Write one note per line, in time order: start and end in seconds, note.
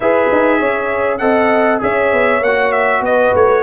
0.00 0.28 E4
0.00 1.20 G#4
0.00 0.59 B4
0.00 1.18 E5
0.31 0.60 D#4
0.59 1.20 C#4
0.59 1.20 C#5
1.18 1.81 C4
1.18 1.80 A4
1.18 1.81 D#5
1.18 1.78 F#5
1.80 2.12 C#4
1.80 2.41 G#4
1.80 3.04 C#5
1.80 2.43 E5
2.12 2.40 B3
2.40 3.01 A#3
2.40 2.72 F#5
2.46 3.63 F#4
2.72 3.02 E5
3.01 3.31 B3
3.01 3.35 D#5
3.07 3.63 B4
3.34 3.63 A3
3.34 3.63 C#5